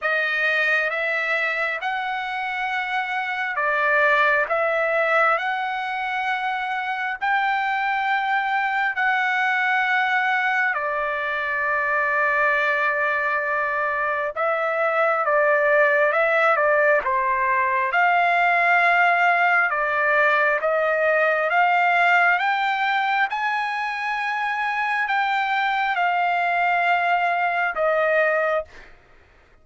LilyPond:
\new Staff \with { instrumentName = "trumpet" } { \time 4/4 \tempo 4 = 67 dis''4 e''4 fis''2 | d''4 e''4 fis''2 | g''2 fis''2 | d''1 |
e''4 d''4 e''8 d''8 c''4 | f''2 d''4 dis''4 | f''4 g''4 gis''2 | g''4 f''2 dis''4 | }